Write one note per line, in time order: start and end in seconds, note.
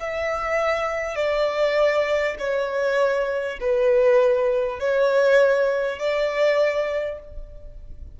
0.00 1.16 E5
1.16 2.36 D5
2.38 3.58 C#5
3.61 4.79 B4
4.79 5.98 C#5
5.98 7.18 D5